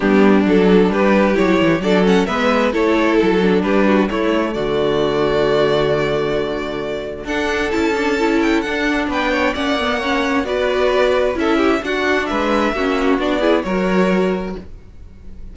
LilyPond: <<
  \new Staff \with { instrumentName = "violin" } { \time 4/4 \tempo 4 = 132 g'4 a'4 b'4 cis''4 | d''8 fis''8 e''4 cis''4 a'4 | b'4 cis''4 d''2~ | d''1 |
fis''4 a''4. g''8 fis''4 | g''4 fis''2 d''4~ | d''4 e''4 fis''4 e''4~ | e''4 d''4 cis''2 | }
  \new Staff \with { instrumentName = "violin" } { \time 4/4 d'2 g'2 | a'4 b'4 a'2 | g'8 fis'8 e'4 fis'2~ | fis'1 |
a'1 | b'8 cis''8 d''4 cis''4 b'4~ | b'4 a'8 g'8 fis'4 b'4 | fis'4. gis'8 ais'2 | }
  \new Staff \with { instrumentName = "viola" } { \time 4/4 b4 d'2 e'4 | d'8 cis'8 b4 e'4. d'8~ | d'4 a2.~ | a1 |
d'4 e'8 d'8 e'4 d'4~ | d'4 cis'8 b8 cis'4 fis'4~ | fis'4 e'4 d'2 | cis'4 d'8 e'8 fis'2 | }
  \new Staff \with { instrumentName = "cello" } { \time 4/4 g4 fis4 g4 fis8 e8 | fis4 gis4 a4 fis4 | g4 a4 d2~ | d1 |
d'4 cis'2 d'4 | b4 ais2 b4~ | b4 cis'4 d'4 gis4 | ais4 b4 fis2 | }
>>